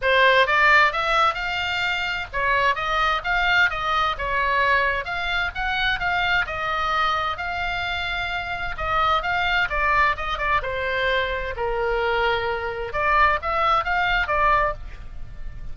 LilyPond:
\new Staff \with { instrumentName = "oboe" } { \time 4/4 \tempo 4 = 130 c''4 d''4 e''4 f''4~ | f''4 cis''4 dis''4 f''4 | dis''4 cis''2 f''4 | fis''4 f''4 dis''2 |
f''2. dis''4 | f''4 d''4 dis''8 d''8 c''4~ | c''4 ais'2. | d''4 e''4 f''4 d''4 | }